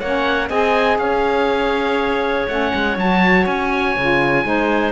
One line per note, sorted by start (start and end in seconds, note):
0.00 0.50 A#3
0.00 0.51 C#4
0.00 0.49 C#5
0.00 0.50 F#5
0.49 0.98 C4
0.49 2.49 G#4
0.49 0.99 D#5
0.49 0.99 G#5
0.98 2.47 C#4
0.98 4.47 C#5
0.98 2.48 F5
2.48 2.73 A3
2.48 2.97 C#4
2.48 2.98 F#5
2.75 2.97 G#3
2.97 3.46 F#3
2.97 3.97 F#4
2.97 3.47 A5
3.47 3.96 C#4
3.47 4.93 G#5
3.97 4.45 C#3
3.97 4.44 F4
4.44 4.93 G#3
4.44 4.93 D#4
4.44 4.93 C5